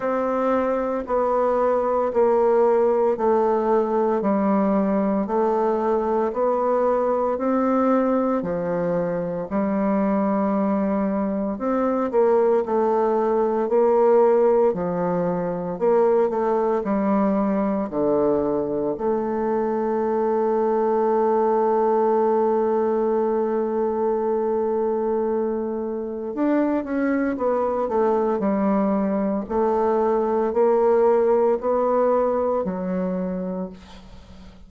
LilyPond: \new Staff \with { instrumentName = "bassoon" } { \time 4/4 \tempo 4 = 57 c'4 b4 ais4 a4 | g4 a4 b4 c'4 | f4 g2 c'8 ais8 | a4 ais4 f4 ais8 a8 |
g4 d4 a2~ | a1~ | a4 d'8 cis'8 b8 a8 g4 | a4 ais4 b4 fis4 | }